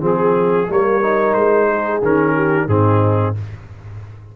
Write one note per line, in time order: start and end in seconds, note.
0.00 0.68 F3
0.00 0.67 C4
0.00 0.67 G#4
0.00 0.72 G#4
0.69 1.35 G3
0.69 1.02 A#3
0.69 1.69 A#4
0.69 1.34 C#5
1.02 2.02 D#4
1.34 2.02 G#3
1.34 2.01 C5
1.69 2.35 G#4
2.02 2.68 D#3
2.02 2.69 C#4
2.02 2.69 A#4
2.35 2.68 G4
2.68 3.34 G#2
2.68 3.35 C4
2.68 3.37 D#4
2.68 3.35 G#4